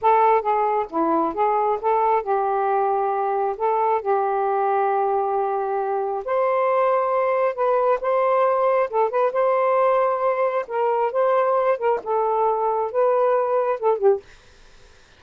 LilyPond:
\new Staff \with { instrumentName = "saxophone" } { \time 4/4 \tempo 4 = 135 a'4 gis'4 e'4 gis'4 | a'4 g'2. | a'4 g'2.~ | g'2 c''2~ |
c''4 b'4 c''2 | a'8 b'8 c''2. | ais'4 c''4. ais'8 a'4~ | a'4 b'2 a'8 g'8 | }